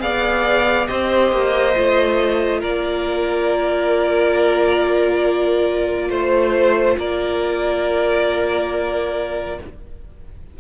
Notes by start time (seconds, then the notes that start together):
0.00 B3 G#4 D5 F5
0.87 C4 G4 C5 D#5
1.32 A#3
1.76 A3 F4
2.61 A#3 A#4 D5
6.10 A3 C5
6.98 A#3 A#4 D5